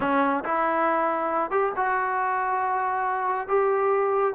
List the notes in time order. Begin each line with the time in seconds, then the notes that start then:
0.00 C#4
0.44 E4
1.50 G4
1.76 F#4
3.48 G4